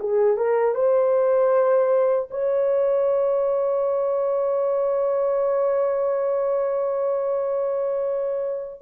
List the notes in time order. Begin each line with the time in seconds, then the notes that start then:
0.00 G#4
0.37 A#4
0.75 C5
2.30 C#5